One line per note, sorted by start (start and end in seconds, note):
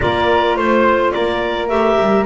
0.00 0.56 A#3
0.00 1.69 F4
0.00 0.56 A#4
0.00 0.57 D5
0.56 1.12 A3
0.56 1.13 C5
0.56 1.11 C5
1.11 1.69 A#3
1.11 2.26 A#4
1.11 1.68 D5
1.68 1.98 A3
1.68 2.25 G4
1.68 2.25 E5
2.00 2.26 G3